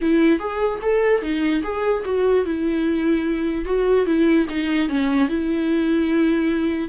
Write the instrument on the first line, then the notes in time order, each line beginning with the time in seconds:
viola
0.01 E4
0.39 G#4
0.81 A4
1.22 D#4
1.63 G#4
2.05 F#4
2.45 E4
3.65 F#4
4.05 E4
4.49 D#4
4.89 C#4
5.28 E4